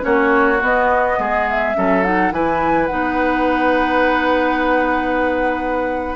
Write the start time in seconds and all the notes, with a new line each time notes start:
0.00 A#3 C#4 F#4 C#5
0.61 B3 D#5
1.18 G#3 G#4
1.49 E5
1.75 F#3 C#4 A4
2.03 D#4 F#5
2.31 E3 E4 B4 G#5
2.86 B3 D#4 F#5